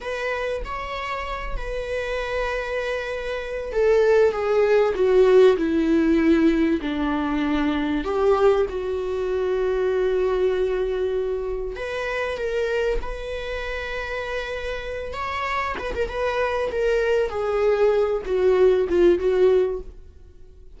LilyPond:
\new Staff \with { instrumentName = "viola" } { \time 4/4 \tempo 4 = 97 b'4 cis''4. b'4.~ | b'2 a'4 gis'4 | fis'4 e'2 d'4~ | d'4 g'4 fis'2~ |
fis'2. b'4 | ais'4 b'2.~ | b'8 cis''4 b'16 ais'16 b'4 ais'4 | gis'4. fis'4 f'8 fis'4 | }